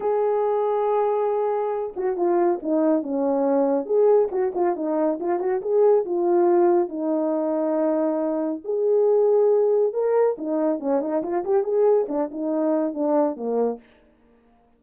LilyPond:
\new Staff \with { instrumentName = "horn" } { \time 4/4 \tempo 4 = 139 gis'1~ | gis'8 fis'8 f'4 dis'4 cis'4~ | cis'4 gis'4 fis'8 f'8 dis'4 | f'8 fis'8 gis'4 f'2 |
dis'1 | gis'2. ais'4 | dis'4 cis'8 dis'8 f'8 g'8 gis'4 | d'8 dis'4. d'4 ais4 | }